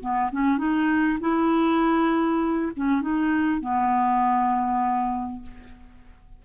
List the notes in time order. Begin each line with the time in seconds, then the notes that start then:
0.00 B3
0.31 C#4
0.58 D#4
1.20 E4
2.76 C#4
3.01 D#4
3.60 B3